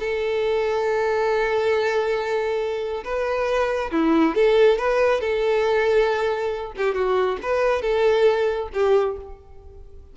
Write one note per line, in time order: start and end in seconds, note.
0.00 3.04 A4
3.05 3.92 B4
3.92 4.36 E4
4.36 4.78 A4
4.78 5.21 B4
5.21 6.73 A4
6.77 6.95 G4
6.95 7.39 F#4
7.43 7.83 B4
7.83 8.70 A4
8.74 9.17 G4